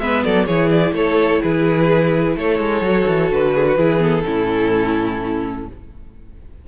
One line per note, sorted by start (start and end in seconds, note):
0.00 0.25 G#3
0.00 0.48 B3
0.00 0.25 B4
0.00 0.24 E5
0.25 0.48 F#3
0.25 0.46 A4
0.25 0.46 D5
0.46 0.93 E3
0.46 2.85 E4
0.46 0.94 G#4
0.46 0.70 C#5
0.70 0.94 D5
0.93 1.40 A3
0.93 1.42 A4
0.93 1.42 C#5
1.42 2.36 E3
1.42 2.37 G#4
1.42 2.37 B4
2.36 2.59 A3
2.36 3.54 A4
2.36 3.32 C#5
2.59 2.82 G#3
2.82 3.05 F#3
2.82 3.78 F#4
3.07 3.31 E3
3.31 3.77 D3
3.31 4.02 B4
3.54 3.66 G#4
3.67 3.77 F#4
3.77 4.25 E3
3.77 3.99 E4
3.77 4.24 G#4
3.99 4.22 B3
3.99 5.68 A4
4.25 5.69 A2
4.25 5.67 C#4
4.25 5.68 E4